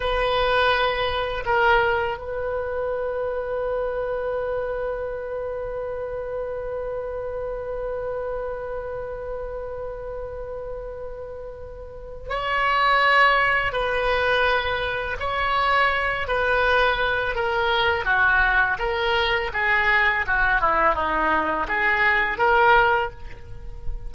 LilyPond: \new Staff \with { instrumentName = "oboe" } { \time 4/4 \tempo 4 = 83 b'2 ais'4 b'4~ | b'1~ | b'1~ | b'1~ |
b'4 cis''2 b'4~ | b'4 cis''4. b'4. | ais'4 fis'4 ais'4 gis'4 | fis'8 e'8 dis'4 gis'4 ais'4 | }